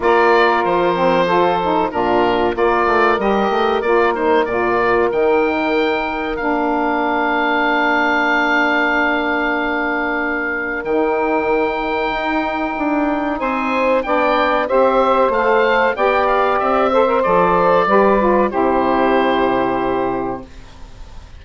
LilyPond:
<<
  \new Staff \with { instrumentName = "oboe" } { \time 4/4 \tempo 4 = 94 d''4 c''2 ais'4 | d''4 dis''4 d''8 c''8 d''4 | g''2 f''2~ | f''1~ |
f''4 g''2.~ | g''4 gis''4 g''4 e''4 | f''4 g''8 f''8 e''4 d''4~ | d''4 c''2. | }
  \new Staff \with { instrumentName = "saxophone" } { \time 4/4 ais'2 a'4 f'4 | ais'1~ | ais'1~ | ais'1~ |
ais'1~ | ais'4 c''4 d''4 c''4~ | c''4 d''4. c''4. | b'4 g'2. | }
  \new Staff \with { instrumentName = "saxophone" } { \time 4/4 f'4. c'8 f'8 dis'8 d'4 | f'4 g'4 f'8 dis'8 f'4 | dis'2 d'2~ | d'1~ |
d'4 dis'2.~ | dis'2 d'4 g'4 | a'4 g'4. a'16 ais'16 a'4 | g'8 f'8 e'2. | }
  \new Staff \with { instrumentName = "bassoon" } { \time 4/4 ais4 f2 ais,4 | ais8 a8 g8 a8 ais4 ais,4 | dis2 ais2~ | ais1~ |
ais4 dis2 dis'4 | d'4 c'4 b4 c'4 | a4 b4 c'4 f4 | g4 c2. | }
>>